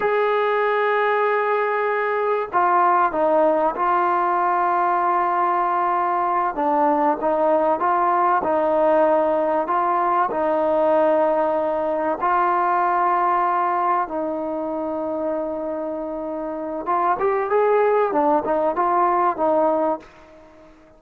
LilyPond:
\new Staff \with { instrumentName = "trombone" } { \time 4/4 \tempo 4 = 96 gis'1 | f'4 dis'4 f'2~ | f'2~ f'8 d'4 dis'8~ | dis'8 f'4 dis'2 f'8~ |
f'8 dis'2. f'8~ | f'2~ f'8 dis'4.~ | dis'2. f'8 g'8 | gis'4 d'8 dis'8 f'4 dis'4 | }